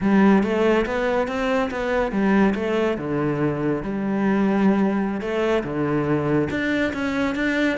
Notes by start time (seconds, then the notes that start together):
0.00 G3
0.43 A3
0.86 B3
1.27 C4
1.70 B3
2.11 G3
2.55 A3
2.97 D3
3.83 G3
5.20 A3
5.63 D3
6.50 D4
6.93 C#4
7.35 D4